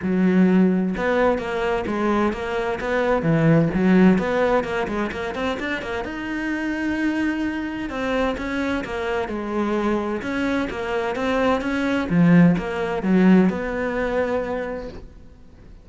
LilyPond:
\new Staff \with { instrumentName = "cello" } { \time 4/4 \tempo 4 = 129 fis2 b4 ais4 | gis4 ais4 b4 e4 | fis4 b4 ais8 gis8 ais8 c'8 | d'8 ais8 dis'2.~ |
dis'4 c'4 cis'4 ais4 | gis2 cis'4 ais4 | c'4 cis'4 f4 ais4 | fis4 b2. | }